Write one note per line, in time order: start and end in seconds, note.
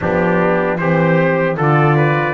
0.00 0.78 F3
0.00 0.80 B3
0.00 0.79 D4
0.00 0.77 G4
0.77 1.57 E3
0.77 1.57 C4
0.77 1.56 G4
0.77 1.56 C5
1.56 2.34 D3
1.56 2.34 F4
1.56 1.96 A4
1.56 2.34 D5
1.96 2.34 B4